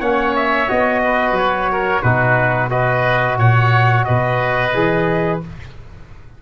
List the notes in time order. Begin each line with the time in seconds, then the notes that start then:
0.00 A#3 C#4 C#5 F#5
0.36 E5
0.67 B3 F#4 D#5
1.04 B4
1.32 F#3 C#5
1.72 A#4
2.02 B2 D#4 F#4 B4
2.70 F#4 B4 D#5
3.38 A#2 C#5 F#5
4.05 B2 B4 D#5
4.74 E3 G#4